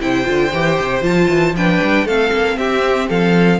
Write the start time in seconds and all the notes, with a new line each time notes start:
0.00 C3 E4 C5 G5
0.24 D3 F4
0.52 E3 G4
0.80 C3
1.01 F3 F4 A5
1.28 E3
1.53 F3 D4 B4 G5
1.82 G3
2.05 A3 C4 A4 F5
2.32 A#3
2.57 C4 G4 E5
3.08 F3 A4 F5